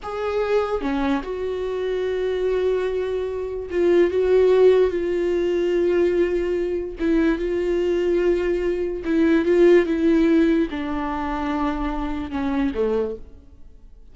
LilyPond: \new Staff \with { instrumentName = "viola" } { \time 4/4 \tempo 4 = 146 gis'2 cis'4 fis'4~ | fis'1~ | fis'4 f'4 fis'2 | f'1~ |
f'4 e'4 f'2~ | f'2 e'4 f'4 | e'2 d'2~ | d'2 cis'4 a4 | }